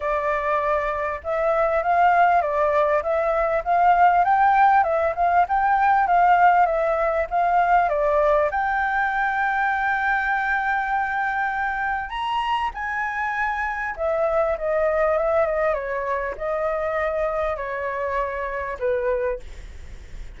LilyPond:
\new Staff \with { instrumentName = "flute" } { \time 4/4 \tempo 4 = 99 d''2 e''4 f''4 | d''4 e''4 f''4 g''4 | e''8 f''8 g''4 f''4 e''4 | f''4 d''4 g''2~ |
g''1 | ais''4 gis''2 e''4 | dis''4 e''8 dis''8 cis''4 dis''4~ | dis''4 cis''2 b'4 | }